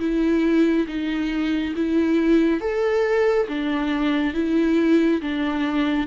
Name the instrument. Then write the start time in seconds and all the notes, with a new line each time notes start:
viola
0.00 E4
0.88 D#4
1.76 E4
2.61 A4
3.48 D4
4.34 E4
5.22 D4